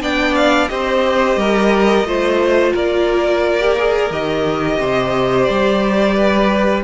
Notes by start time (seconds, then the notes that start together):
0.00 B3 D4 D5 G5
0.35 F5
0.68 C4 G4 C5 D#5
1.36 G3 A#4
2.04 A3 F4 C5
2.73 A#3 A#4 D5
3.60 G4
3.79 G#4
4.10 D#3 G4 D#5
4.80 C3 C5
5.44 G3 D5
6.15 B4